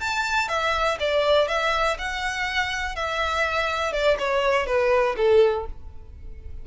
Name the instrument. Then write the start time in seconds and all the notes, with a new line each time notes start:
violin
0.00 A5
0.49 E5
0.99 D5
1.48 E5
1.98 F#5
2.95 E5
3.92 D5
4.18 C#5
4.66 B4
5.17 A4